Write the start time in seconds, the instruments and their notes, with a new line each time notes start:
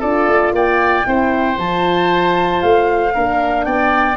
0.00 tuba D4, horn F4, oboe A4, flute D5
0.27 tuba A3
0.53 tuba A#3, oboe D5, flute G5
1.04 tuba C4, horn E4, oboe C5
1.56 tuba F3, horn F4, flute A5
2.62 tuba A3, flute F5
3.14 tuba A#3, horn D4, oboe A#4
3.64 tuba B3, oboe D5, flute G5